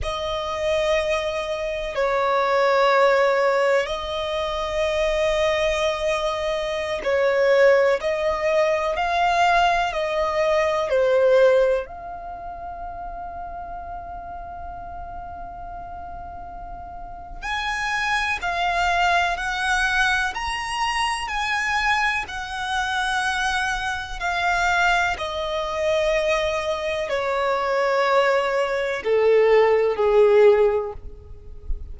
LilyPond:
\new Staff \with { instrumentName = "violin" } { \time 4/4 \tempo 4 = 62 dis''2 cis''2 | dis''2.~ dis''16 cis''8.~ | cis''16 dis''4 f''4 dis''4 c''8.~ | c''16 f''2.~ f''8.~ |
f''2 gis''4 f''4 | fis''4 ais''4 gis''4 fis''4~ | fis''4 f''4 dis''2 | cis''2 a'4 gis'4 | }